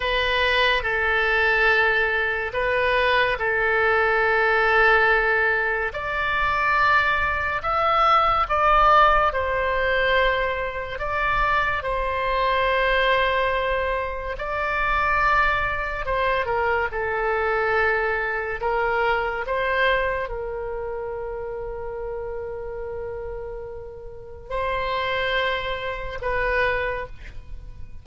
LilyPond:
\new Staff \with { instrumentName = "oboe" } { \time 4/4 \tempo 4 = 71 b'4 a'2 b'4 | a'2. d''4~ | d''4 e''4 d''4 c''4~ | c''4 d''4 c''2~ |
c''4 d''2 c''8 ais'8 | a'2 ais'4 c''4 | ais'1~ | ais'4 c''2 b'4 | }